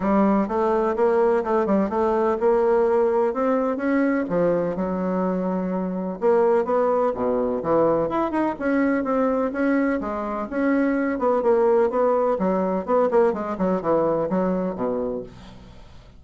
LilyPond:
\new Staff \with { instrumentName = "bassoon" } { \time 4/4 \tempo 4 = 126 g4 a4 ais4 a8 g8 | a4 ais2 c'4 | cis'4 f4 fis2~ | fis4 ais4 b4 b,4 |
e4 e'8 dis'8 cis'4 c'4 | cis'4 gis4 cis'4. b8 | ais4 b4 fis4 b8 ais8 | gis8 fis8 e4 fis4 b,4 | }